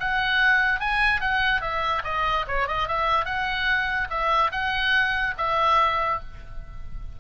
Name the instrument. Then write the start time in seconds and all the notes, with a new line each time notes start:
oboe
0.00 F#5
0.80 G#5
1.21 F#5
1.61 E5
2.04 D#5
2.48 C#5
2.67 D#5
2.88 E5
3.25 F#5
4.10 E5
4.52 F#5
5.38 E5